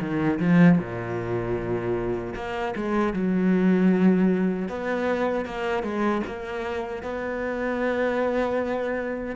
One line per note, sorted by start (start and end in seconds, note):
0.00 0.39 D#3
0.39 0.78 F3
0.78 2.34 A#2
2.35 2.74 A#3
2.75 3.13 G#3
3.13 4.68 F#3
4.68 5.45 B3
5.45 5.83 A#3
5.83 6.22 G#3
6.26 7.02 A#3
7.02 9.35 B3